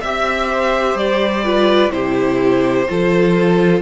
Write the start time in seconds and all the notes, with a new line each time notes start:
0.00 C4 G4 E5
0.50 C5
0.95 G3 D5
1.44 F4 B4
1.90 C3 E4 G4 C5
2.88 F3 F4 A4